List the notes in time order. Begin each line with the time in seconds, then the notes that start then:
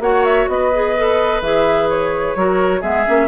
0.00 A#3 F#4 C#5 F#5
0.25 E5
0.48 B3 B4 D#5
0.74 G#4
0.98 A4
1.42 E3 G#4 E5
1.90 C#5
2.36 F#3 F#4 A#4
2.81 G#3 B3 G#4 E5
3.06 A#3 C#4